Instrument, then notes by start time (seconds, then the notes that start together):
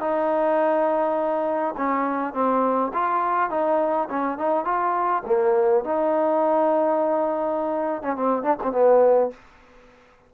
trombone
0.00 D#4
1.77 C#4
2.34 C4
2.94 F4
3.50 D#4
4.10 C#4
4.38 D#4
4.65 F4
5.26 A#3
5.85 D#4
8.02 C#4
8.16 C4
8.43 D4
8.63 C4
8.72 B3